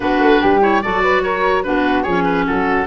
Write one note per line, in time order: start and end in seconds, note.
0.00 0.19 B3
0.00 0.61 D4
0.00 0.41 F#4
0.00 0.60 B4
0.19 0.40 A3
0.41 0.84 G3
0.41 0.82 G4
0.61 0.81 E4
0.61 0.82 C#5
0.82 1.67 F#3
0.82 1.64 F#4
0.82 1.02 A4
0.82 1.23 D5
1.02 1.22 B4
1.23 1.64 A#4
1.23 1.63 C#5
1.63 2.06 B3
1.63 2.05 D4
1.63 2.03 F#4
1.63 2.02 B4
2.02 2.47 F3
2.02 2.44 G#4
2.02 2.23 C#5
2.09 2.86 C#4
2.24 2.44 B4
2.45 2.86 F#3
2.45 2.86 F#4
2.45 2.86 A4